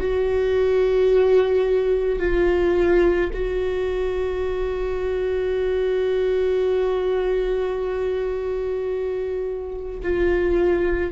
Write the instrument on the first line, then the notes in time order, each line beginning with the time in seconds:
viola
0.00 F#4
2.19 F4
3.33 F#4
10.03 F4